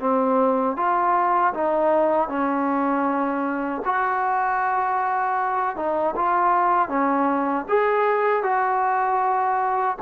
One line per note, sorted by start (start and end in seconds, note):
0.00 0.77 C4
0.77 1.54 F4
1.54 2.29 D#4
2.29 3.83 C#4
3.86 5.77 F#4
5.77 6.15 D#4
6.16 6.89 F4
6.89 7.66 C#4
7.69 8.43 G#4
8.43 9.97 F#4